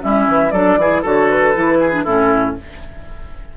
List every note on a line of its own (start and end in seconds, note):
0.00 0.27 G3
0.00 0.51 C#4
0.00 0.53 E4
0.00 0.51 E5
0.27 0.52 E3
0.51 0.77 F#3
0.51 0.80 D4
0.51 0.78 A4
0.51 1.02 D5
0.77 1.02 E3
0.77 1.04 E4
0.77 1.02 G#4
1.02 1.55 D3
1.02 1.54 F#4
1.02 1.78 A4
1.02 1.30 C#5
1.30 2.04 B4
1.54 2.06 E3
1.54 1.92 E4
1.80 2.04 G#4
1.92 2.05 D4
2.04 2.56 A2
2.04 2.57 C#4
2.04 2.55 E4
2.04 2.55 A4